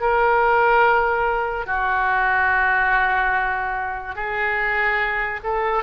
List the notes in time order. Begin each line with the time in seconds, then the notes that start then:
0.00 A#4
1.66 F#4
4.15 G#4
5.43 A4